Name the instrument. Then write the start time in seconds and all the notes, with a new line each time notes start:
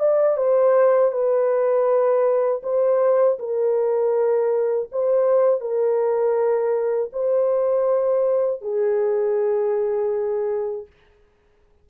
horn
0.00 D5
0.38 C5
1.12 B4
2.64 C5
3.39 A#4
4.92 C5
5.61 A#4
7.13 C5
8.62 G#4